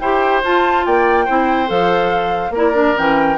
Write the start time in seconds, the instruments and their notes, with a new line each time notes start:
0.00 bassoon E4, clarinet G4, oboe C5, flute G5
0.43 bassoon F4, clarinet F4, flute A5
0.86 bassoon A#3, oboe D5, flute G5
1.25 bassoon C4, clarinet E4, oboe C5
1.67 bassoon F3, clarinet A4, flute F5
2.50 bassoon A#3, clarinet E4, oboe A#4
2.57 flute D5
2.74 clarinet D4
2.97 bassoon E3, clarinet C#4, flute G5